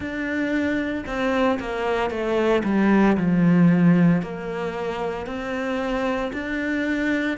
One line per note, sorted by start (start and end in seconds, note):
0.00 1.04 D4
1.06 1.58 C4
1.59 2.10 A#3
2.10 2.63 A3
2.64 3.16 G3
3.17 4.22 F3
4.22 5.26 A#3
5.26 6.31 C4
6.32 7.37 D4